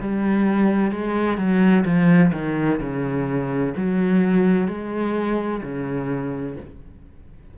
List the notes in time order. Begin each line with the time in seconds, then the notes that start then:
0.00 G3
0.91 G#3
1.37 F#3
1.85 F3
2.32 D#3
2.80 C#3
3.76 F#3
4.67 G#3
5.62 C#3